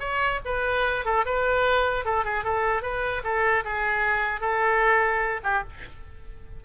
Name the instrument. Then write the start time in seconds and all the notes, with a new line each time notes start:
oboe
0.00 C#5
0.45 B4
1.05 A4
1.26 B4
2.05 A4
2.25 G#4
2.44 A4
2.82 B4
3.24 A4
3.65 G#4
4.41 A4
5.43 G4